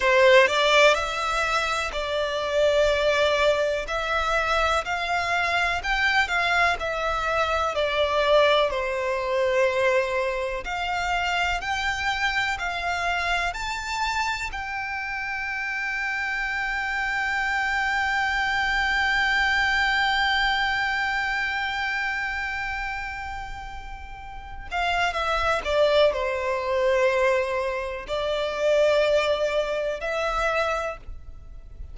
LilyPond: \new Staff \with { instrumentName = "violin" } { \time 4/4 \tempo 4 = 62 c''8 d''8 e''4 d''2 | e''4 f''4 g''8 f''8 e''4 | d''4 c''2 f''4 | g''4 f''4 a''4 g''4~ |
g''1~ | g''1~ | g''4. f''8 e''8 d''8 c''4~ | c''4 d''2 e''4 | }